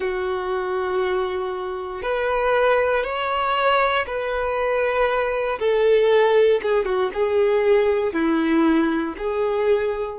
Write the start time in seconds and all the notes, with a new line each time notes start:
0.00 F#4
2.02 B4
3.03 C#5
4.06 B4
5.59 A4
6.62 G#4
6.85 F#4
7.13 G#4
8.13 E4
9.17 G#4